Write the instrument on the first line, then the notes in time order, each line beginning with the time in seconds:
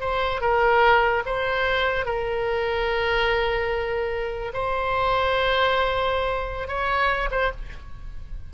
oboe
0.00 C5
0.41 A#4
1.25 C5
2.05 A#4
4.53 C5
6.67 C#5
7.31 C5